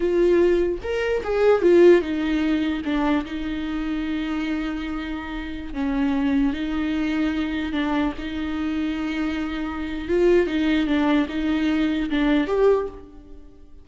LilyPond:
\new Staff \with { instrumentName = "viola" } { \time 4/4 \tempo 4 = 149 f'2 ais'4 gis'4 | f'4 dis'2 d'4 | dis'1~ | dis'2~ dis'16 cis'4.~ cis'16~ |
cis'16 dis'2. d'8.~ | d'16 dis'2.~ dis'8.~ | dis'4 f'4 dis'4 d'4 | dis'2 d'4 g'4 | }